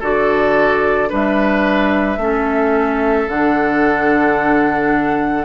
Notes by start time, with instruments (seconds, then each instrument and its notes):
0.00 bassoon D3, clarinet F#4, oboe A4, flute D5
1.09 bassoon G3, clarinet D4, oboe B4, flute E5
2.17 bassoon A3, clarinet C#4
2.23 oboe A4
3.28 bassoon D3, clarinet D4, flute F#5